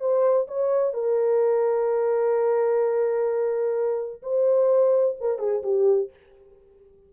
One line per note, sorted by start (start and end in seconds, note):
0.00 0.47 C5
0.48 0.94 C#5
0.94 4.22 A#4
4.23 5.16 C5
5.21 5.39 A#4
5.39 5.62 G#4
5.63 6.10 G4